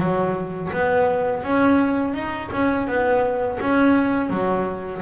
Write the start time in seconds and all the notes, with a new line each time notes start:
0.00 F#3
0.73 B3
1.43 C#4
2.14 D#4
2.52 C#4
2.88 B3
3.61 C#4
4.31 F#3